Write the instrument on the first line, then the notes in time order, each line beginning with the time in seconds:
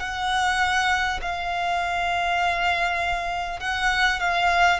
violin
0.00 F#5
1.22 F5
3.59 F#5
4.20 F5